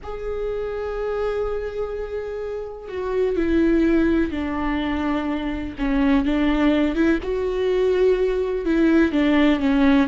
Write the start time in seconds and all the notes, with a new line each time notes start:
0.03 G#4
2.88 F#4
3.36 E4
4.31 D4
5.78 C#4
6.25 D4
6.95 E4
7.22 F#4
8.65 E4
9.12 D4
9.59 C#4